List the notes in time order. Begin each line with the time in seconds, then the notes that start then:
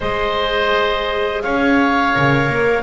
0.00 G#3 G#4 C5 D#5
1.42 C#4 C#5 F5
2.14 C#3 A#4
2.48 A#3